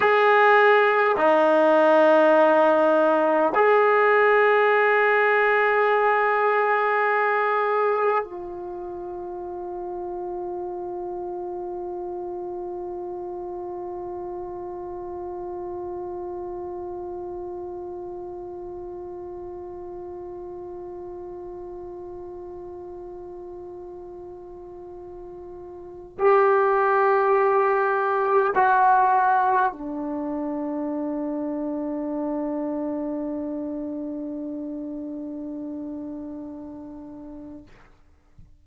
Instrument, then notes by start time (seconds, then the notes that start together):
trombone
0.00 G#4
1.17 D#4
3.55 G#4
8.24 F4
26.18 G4
28.55 F#4
29.72 D4